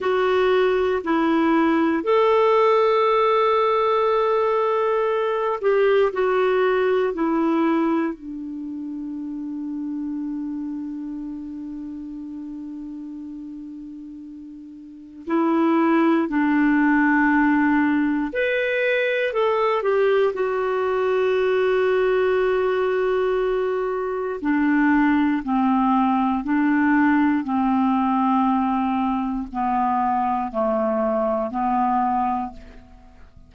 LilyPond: \new Staff \with { instrumentName = "clarinet" } { \time 4/4 \tempo 4 = 59 fis'4 e'4 a'2~ | a'4. g'8 fis'4 e'4 | d'1~ | d'2. e'4 |
d'2 b'4 a'8 g'8 | fis'1 | d'4 c'4 d'4 c'4~ | c'4 b4 a4 b4 | }